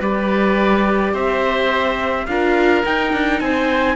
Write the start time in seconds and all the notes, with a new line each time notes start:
0.00 G3 G4 B4 D5
1.13 C4 C5 E5
2.27 D4 F4 A#4 F5
2.84 D#4 G5
3.13 D4
3.40 C4 C5 G#5